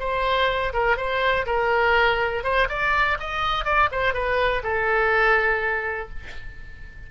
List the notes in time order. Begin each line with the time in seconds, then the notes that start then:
0.00 C5
0.74 A#4
0.97 C5
1.47 A#4
2.44 C5
2.69 D5
3.20 D#5
3.65 D5
3.92 C5
4.14 B4
4.63 A4